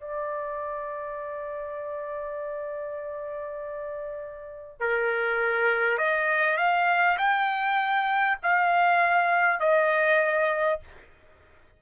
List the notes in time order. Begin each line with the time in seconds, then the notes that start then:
0.00 D5
4.80 A#4
5.98 D#5
6.57 F5
7.17 G5
8.42 F5
9.60 D#5